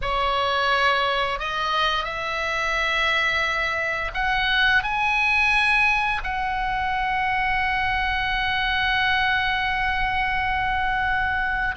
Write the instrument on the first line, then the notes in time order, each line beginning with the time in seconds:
oboe
0.01 C#5
1.39 D#5
2.04 E5
4.14 F#5
4.83 G#5
6.23 F#5